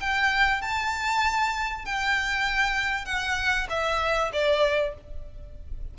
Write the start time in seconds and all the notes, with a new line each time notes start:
0.00 G5
0.61 A5
1.85 G5
3.05 F#5
3.69 E5
4.33 D5